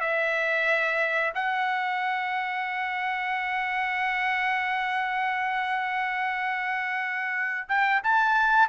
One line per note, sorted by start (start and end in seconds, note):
0.00 1.33 E5
1.34 7.68 F#5
7.68 8.02 G5
8.03 8.68 A5